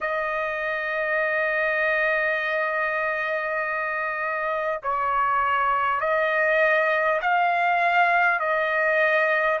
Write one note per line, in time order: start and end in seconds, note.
0.00 4.80 D#5
4.83 6.00 C#5
6.00 7.20 D#5
7.21 8.39 F5
8.39 9.59 D#5